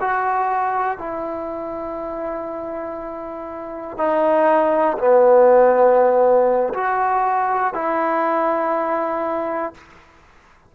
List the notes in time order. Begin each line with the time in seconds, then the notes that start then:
0.00 F#4
0.98 E4
3.97 D#4
4.98 B3
6.74 F#4
7.73 E4